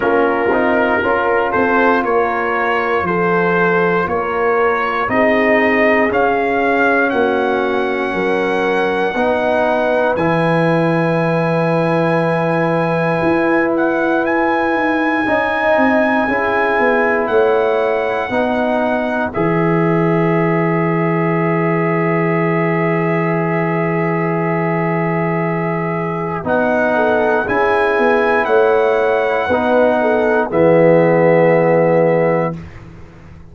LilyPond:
<<
  \new Staff \with { instrumentName = "trumpet" } { \time 4/4 \tempo 4 = 59 ais'4. c''8 cis''4 c''4 | cis''4 dis''4 f''4 fis''4~ | fis''2 gis''2~ | gis''4. fis''8 gis''2~ |
gis''4 fis''2 e''4~ | e''1~ | e''2 fis''4 gis''4 | fis''2 e''2 | }
  \new Staff \with { instrumentName = "horn" } { \time 4/4 f'4 ais'8 a'8 ais'4 a'4 | ais'4 gis'2 fis'4 | ais'4 b'2.~ | b'2. dis''4 |
gis'4 cis''4 b'2~ | b'1~ | b'2~ b'8 a'8 gis'4 | cis''4 b'8 a'8 gis'2 | }
  \new Staff \with { instrumentName = "trombone" } { \time 4/4 cis'8 dis'8 f'2.~ | f'4 dis'4 cis'2~ | cis'4 dis'4 e'2~ | e'2. dis'4 |
e'2 dis'4 gis'4~ | gis'1~ | gis'2 dis'4 e'4~ | e'4 dis'4 b2 | }
  \new Staff \with { instrumentName = "tuba" } { \time 4/4 ais8 c'8 cis'8 c'8 ais4 f4 | ais4 c'4 cis'4 ais4 | fis4 b4 e2~ | e4 e'4. dis'8 cis'8 c'8 |
cis'8 b8 a4 b4 e4~ | e1~ | e2 b4 cis'8 b8 | a4 b4 e2 | }
>>